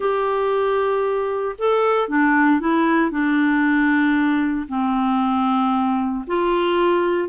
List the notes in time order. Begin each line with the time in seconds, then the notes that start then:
0.00 G4
1.58 A4
2.08 D4
2.60 E4
3.10 D4
4.68 C4
6.27 F4